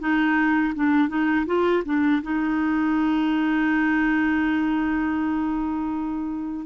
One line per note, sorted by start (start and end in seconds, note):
0.00 0.74 D#4
0.75 1.09 D4
1.09 1.46 D#4
1.46 1.84 F4
1.85 2.22 D4
2.23 6.66 D#4